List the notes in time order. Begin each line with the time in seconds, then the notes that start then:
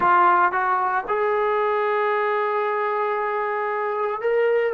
0.00 F4
0.51 F#4
1.08 G#4
4.21 A#4